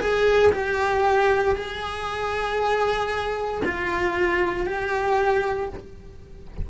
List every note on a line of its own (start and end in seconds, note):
0.00 0.52 G#4
0.53 1.56 G4
1.56 3.63 G#4
3.65 4.66 F4
4.66 5.70 G4